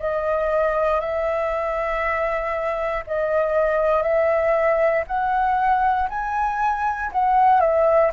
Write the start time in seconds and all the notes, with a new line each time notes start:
0.00 D#5
1.01 E5
3.07 D#5
4.03 E5
5.08 F#5
6.10 G#5
7.12 F#5
7.61 E5